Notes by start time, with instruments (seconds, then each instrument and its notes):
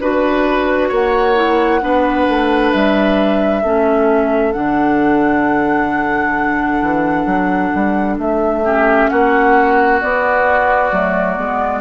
0.00 bassoon D4, clarinet F#4, oboe B4, flute B4
0.88 bassoon A#3, oboe C#5, flute F#5
1.35 clarinet E4
1.81 bassoon B3, clarinet D4, oboe B4
2.28 bassoon A3
2.72 bassoon G3, flute E5
3.62 bassoon A3, clarinet C#4, oboe A4
4.52 bassoon D3, clarinet D4, flute F#5
6.81 bassoon E3
7.25 bassoon F#3
7.74 bassoon G3
8.17 bassoon A3, flute E5
8.64 clarinet C#4, oboe G4
9.09 bassoon A#3, oboe F#4, flute F#5
10.00 clarinet B3, bassoon B3, flute D5
10.92 bassoon F#3, clarinet A3
11.36 bassoon G#3, clarinet B3